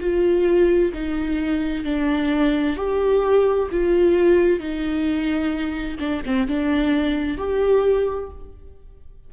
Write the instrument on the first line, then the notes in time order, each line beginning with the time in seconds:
viola
0.00 F4
0.93 D#4
1.84 D4
2.77 G4
3.71 F4
4.60 D#4
6.00 D4
6.26 C4
6.48 D4
7.38 G4